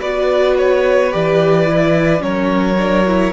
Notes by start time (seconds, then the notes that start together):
0.00 B3 F#4 B4 D5
0.58 C#5
1.11 E3 G4 D5
1.67 E4
2.20 F#3 C#4 A#4 C#5
2.78 D4
3.07 E4